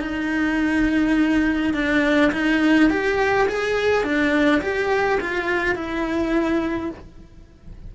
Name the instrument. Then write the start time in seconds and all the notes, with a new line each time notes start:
cello
0.00 D#4
1.73 D4
2.32 D#4
2.90 G4
3.48 G#4
4.03 D4
4.61 G4
5.20 F4
5.75 E4